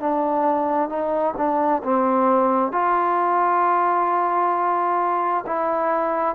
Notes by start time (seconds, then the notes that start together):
0.00 D4
0.89 D#4
1.37 D4
1.83 C4
2.72 F4
5.46 E4